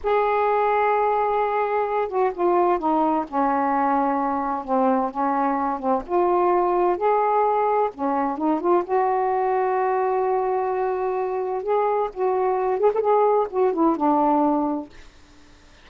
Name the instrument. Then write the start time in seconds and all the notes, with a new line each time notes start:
saxophone
0.03 G#4
2.08 F#4
2.33 F4
2.78 D#4
3.27 C#4
4.64 C4
5.10 C#4
5.79 C4
6.06 F4
6.97 G#4
7.93 C#4
8.37 D#4
8.60 F4
8.84 F#4
11.63 G#4
12.13 F#4
12.79 G#4
12.94 G#4 A4
13.50 F#4
13.73 E4
13.96 D4